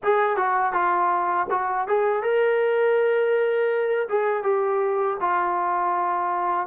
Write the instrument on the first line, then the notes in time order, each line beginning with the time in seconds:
trombone
0.03 G#4
0.36 F#4
0.72 F4
1.50 F#4
1.87 G#4
2.22 A#4
4.08 G#4
4.43 G4
5.20 F4